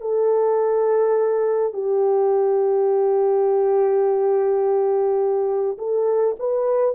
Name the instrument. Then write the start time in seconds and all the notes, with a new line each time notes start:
horn
0.00 A4
1.73 G4
5.77 A4
6.39 B4